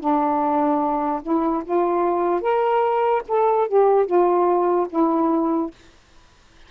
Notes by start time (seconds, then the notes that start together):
0.00 D4
1.23 E4
1.64 F4
2.41 A#4
3.28 A4
3.68 G4
4.06 F4
4.90 E4